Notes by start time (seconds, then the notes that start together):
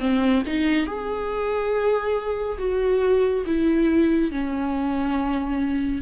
0.00 C4
0.46 D#4
0.86 G#4
2.59 F#4
3.46 E4
4.32 C#4